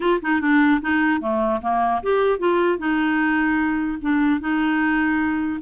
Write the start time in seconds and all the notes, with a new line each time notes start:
0.00 F4
0.22 D#4
0.41 D4
0.81 D#4
1.20 A3
1.61 A#3
2.02 G4
2.38 F4
2.78 D#4
4.01 D4
4.40 D#4